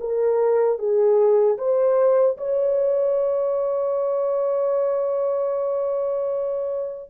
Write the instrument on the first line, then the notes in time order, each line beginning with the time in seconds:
horn
0.00 A#4
0.78 G#4
1.58 C5
2.37 C#5